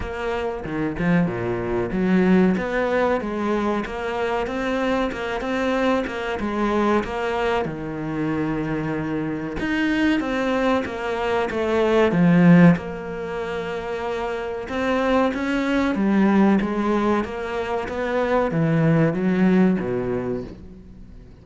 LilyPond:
\new Staff \with { instrumentName = "cello" } { \time 4/4 \tempo 4 = 94 ais4 dis8 f8 ais,4 fis4 | b4 gis4 ais4 c'4 | ais8 c'4 ais8 gis4 ais4 | dis2. dis'4 |
c'4 ais4 a4 f4 | ais2. c'4 | cis'4 g4 gis4 ais4 | b4 e4 fis4 b,4 | }